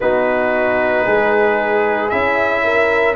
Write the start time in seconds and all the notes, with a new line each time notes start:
0.00 B3 D#4 F#4 B4
1.04 G#3 G#4
2.09 C#4 E4 E5
2.63 A#4